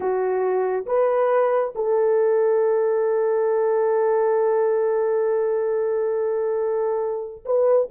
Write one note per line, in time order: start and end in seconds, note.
0.00 0.85 F#4
0.86 1.73 B4
1.75 7.44 A4
7.45 7.89 B4